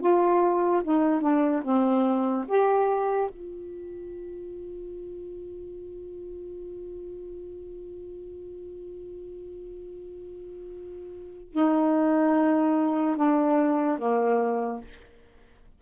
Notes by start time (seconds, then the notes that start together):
0.00 F4
0.83 D#4
1.21 D4
1.63 C4
2.48 G4
3.30 F4
11.52 D#4
13.16 D4
13.98 A#3